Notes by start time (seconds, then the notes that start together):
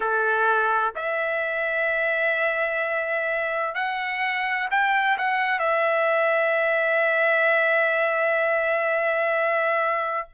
0.00 A4
0.95 E5
3.75 F#5
4.70 G5
5.18 F#5
5.59 E5